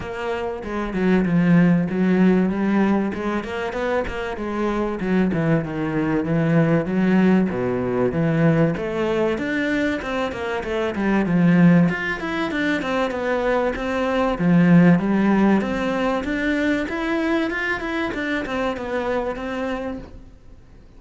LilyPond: \new Staff \with { instrumentName = "cello" } { \time 4/4 \tempo 4 = 96 ais4 gis8 fis8 f4 fis4 | g4 gis8 ais8 b8 ais8 gis4 | fis8 e8 dis4 e4 fis4 | b,4 e4 a4 d'4 |
c'8 ais8 a8 g8 f4 f'8 e'8 | d'8 c'8 b4 c'4 f4 | g4 c'4 d'4 e'4 | f'8 e'8 d'8 c'8 b4 c'4 | }